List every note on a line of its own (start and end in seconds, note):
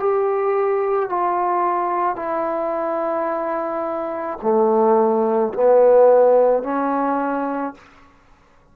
0.00 1.10 G4
1.10 2.16 F4
2.16 4.38 E4
4.42 5.54 A3
5.54 6.64 B3
6.64 7.75 C#4